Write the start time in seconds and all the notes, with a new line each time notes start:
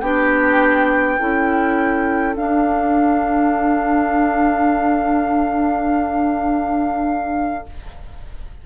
0.00 B3 D4 G4 G5
1.18 C#4 E4 A4
2.36 D4 F5